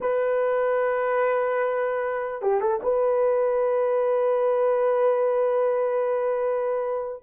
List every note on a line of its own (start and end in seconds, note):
0.00 2.42 B4
2.42 2.60 G4
2.60 2.80 A4
2.82 7.23 B4